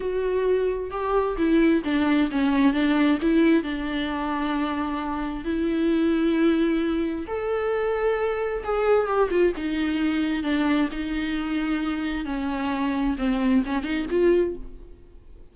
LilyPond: \new Staff \with { instrumentName = "viola" } { \time 4/4 \tempo 4 = 132 fis'2 g'4 e'4 | d'4 cis'4 d'4 e'4 | d'1 | e'1 |
a'2. gis'4 | g'8 f'8 dis'2 d'4 | dis'2. cis'4~ | cis'4 c'4 cis'8 dis'8 f'4 | }